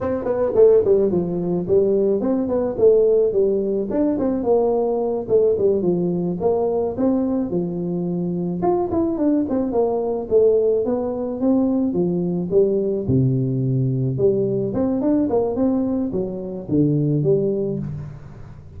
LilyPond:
\new Staff \with { instrumentName = "tuba" } { \time 4/4 \tempo 4 = 108 c'8 b8 a8 g8 f4 g4 | c'8 b8 a4 g4 d'8 c'8 | ais4. a8 g8 f4 ais8~ | ais8 c'4 f2 f'8 |
e'8 d'8 c'8 ais4 a4 b8~ | b8 c'4 f4 g4 c8~ | c4. g4 c'8 d'8 ais8 | c'4 fis4 d4 g4 | }